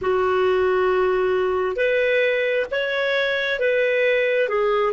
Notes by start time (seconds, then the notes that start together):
0.01 F#4
1.75 B4
2.71 C#5
3.59 B4
4.49 G#4